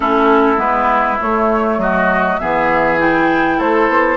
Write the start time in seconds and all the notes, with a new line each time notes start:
0.00 A3 C#4 E4 A4
0.57 G#3 B3 B4
1.20 A3 C#5
1.77 F#3 F#4 D#5
2.39 E3 B3 G#4 E5
2.98 E4 G5
3.57 A3 A4 C5
3.89 B3